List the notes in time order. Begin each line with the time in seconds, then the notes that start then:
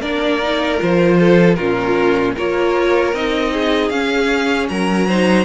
0.00 A#3 D4 A#4 D5
0.41 D#4
0.77 F3 F4 C5
1.19 A4
1.54 A#2 C#4 F4 A#4
2.34 A#3 F4 A#4 C#5
3.12 C4 D#4 D#5
3.53 G#4
3.89 C#4 F5
4.68 F#3 A#4 A#5
5.07 D#4 C5